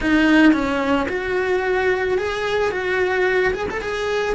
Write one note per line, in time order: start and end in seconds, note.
0.00 0.52 D#4
0.52 1.07 C#4
1.09 2.18 F#4
2.18 2.71 G#4
2.71 3.53 F#4
3.53 3.67 G#4
3.70 3.81 A4
3.81 4.34 G#4